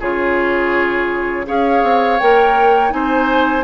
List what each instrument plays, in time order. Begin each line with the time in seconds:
0.00 bassoon C#3, clarinet F4, oboe G#4, flute C#5
1.46 bassoon C#4, clarinet G#4, oboe C#5, flute F5
1.83 bassoon C4
2.20 bassoon A#3, clarinet A#4, flute G5
2.90 bassoon C4, clarinet D#4, oboe C5, flute G#5